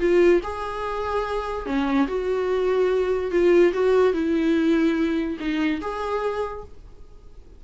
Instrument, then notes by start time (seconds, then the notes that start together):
viola
0.00 F4
0.44 G#4
1.66 C#4
2.08 F#4
3.32 F4
3.74 F#4
4.14 E4
5.40 D#4
5.82 G#4